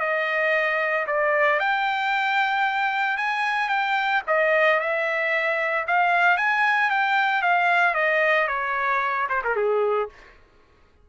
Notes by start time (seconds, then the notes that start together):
0.00 D#5
1.07 D5
1.60 G5
3.18 G#5
3.69 G5
4.27 D#5
4.80 E5
5.87 F5
6.38 G#5
6.91 G5
7.42 F5
7.95 D#5
8.48 C#5
9.29 C5
9.44 A#4
9.56 G#4